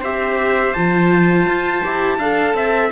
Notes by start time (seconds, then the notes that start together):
0.00 C4 G4 C5 E5
0.73 F3 F4 A5
1.46 F4
1.83 E4 G4
2.18 D4 A4 F5
2.54 C4 E5